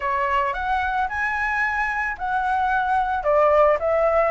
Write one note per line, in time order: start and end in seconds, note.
0.00 0.53 C#5
0.53 1.07 F#5
1.08 2.16 G#5
2.17 3.23 F#5
3.23 3.77 D5
3.79 4.31 E5